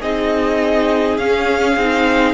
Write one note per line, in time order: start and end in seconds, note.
0.00 1.18 C4
0.00 1.19 D#4
0.00 2.34 G#4
0.00 1.17 D#5
1.17 1.76 C#4
1.17 1.79 C#4
1.17 2.34 F5
1.76 2.34 C4
1.76 2.34 D#4